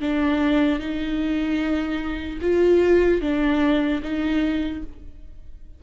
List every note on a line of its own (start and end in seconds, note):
0.00 0.79 D4
0.79 2.39 D#4
2.41 3.21 F4
3.21 4.01 D4
4.02 4.82 D#4